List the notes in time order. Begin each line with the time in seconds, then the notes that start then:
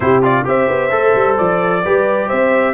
0.00 C3 E4 G4 C5
0.22 F4 D5
0.44 C4 G4 C5 E5
0.68 B3
0.90 A3 A4
1.15 G3
1.37 F3 D5
1.84 G3 G4 B4
2.27 C4 C5 E5